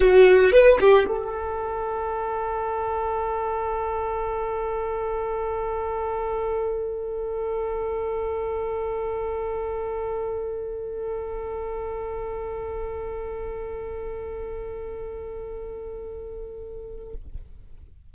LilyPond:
\new Staff \with { instrumentName = "violin" } { \time 4/4 \tempo 4 = 112 fis'4 b'8 g'8 a'2~ | a'1~ | a'1~ | a'1~ |
a'1~ | a'1~ | a'1~ | a'1 | }